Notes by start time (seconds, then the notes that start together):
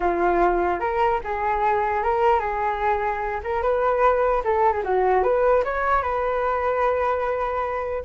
0.00 F4
0.79 A#4
1.24 G#4
2.03 A#4
2.39 G#4
3.43 A#4
3.62 B4
4.44 A4
4.72 G#4
4.83 F#4
5.23 B4
5.64 C#5
6.02 B4